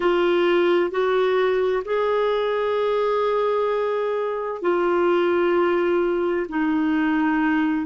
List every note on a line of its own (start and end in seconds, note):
0.00 0.91 F4
0.91 1.83 F#4
1.84 4.61 G#4
4.62 6.46 F4
6.48 7.86 D#4